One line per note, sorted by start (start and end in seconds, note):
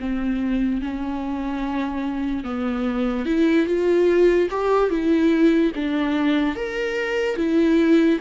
0.00 0.81 C4
0.81 2.44 C#4
2.44 3.26 B3
3.26 3.67 E4
3.67 4.49 F4
4.50 4.90 G4
4.90 5.72 E4
5.75 6.56 D4
6.56 7.36 A#4
7.36 8.19 E4